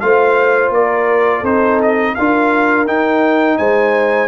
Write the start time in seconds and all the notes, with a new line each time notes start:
0.00 A3 F4 C5 F5
0.70 A#3 A#4 D5
1.40 C4 D#4 A4 C5
1.82 D#5
2.15 D4 F4 A#4 F5
2.87 D#4 G5
3.58 G#3 C5 G#5